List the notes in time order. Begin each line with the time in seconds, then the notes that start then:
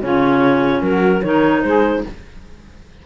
0.00 C#3 C#4 F4 C#5
0.81 F#3 F#4 A#4
1.23 D#3 D#4 A#4 C#5
1.62 G#3 G#4 C5